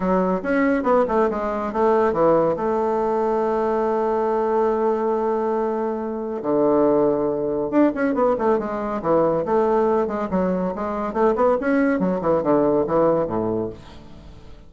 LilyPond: \new Staff \with { instrumentName = "bassoon" } { \time 4/4 \tempo 4 = 140 fis4 cis'4 b8 a8 gis4 | a4 e4 a2~ | a1~ | a2. d4~ |
d2 d'8 cis'8 b8 a8 | gis4 e4 a4. gis8 | fis4 gis4 a8 b8 cis'4 | fis8 e8 d4 e4 a,4 | }